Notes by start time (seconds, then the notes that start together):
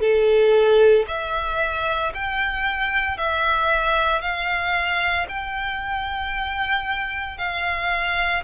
0.00 A4
1.07 E5
2.14 G5
3.17 E5
4.21 F5
5.28 G5
7.38 F5